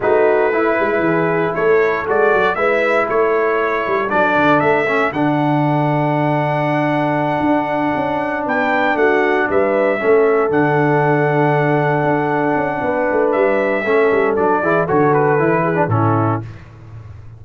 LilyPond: <<
  \new Staff \with { instrumentName = "trumpet" } { \time 4/4 \tempo 4 = 117 b'2. cis''4 | d''4 e''4 cis''2 | d''4 e''4 fis''2~ | fis''1~ |
fis''8 g''4 fis''4 e''4.~ | e''8 fis''2.~ fis''8~ | fis''2 e''2 | d''4 cis''8 b'4. a'4 | }
  \new Staff \with { instrumentName = "horn" } { \time 4/4 fis'4 e'4 gis'4 a'4~ | a'4 b'4 a'2~ | a'1~ | a'1~ |
a'8 b'4 fis'4 b'4 a'8~ | a'1~ | a'4 b'2 a'4~ | a'8 gis'8 a'4. gis'8 e'4 | }
  \new Staff \with { instrumentName = "trombone" } { \time 4/4 dis'4 e'2. | fis'4 e'2. | d'4. cis'8 d'2~ | d'1~ |
d'2.~ d'8 cis'8~ | cis'8 d'2.~ d'8~ | d'2. cis'4 | d'8 e'8 fis'4 e'8. d'16 cis'4 | }
  \new Staff \with { instrumentName = "tuba" } { \time 4/4 a4. gis8 e4 a4 | gis8 fis8 gis4 a4. g8 | fis8 d8 a4 d2~ | d2~ d8 d'4 cis'8~ |
cis'8 b4 a4 g4 a8~ | a8 d2. d'8~ | d'8 cis'8 b8 a8 g4 a8 g8 | fis8 e8 d4 e4 a,4 | }
>>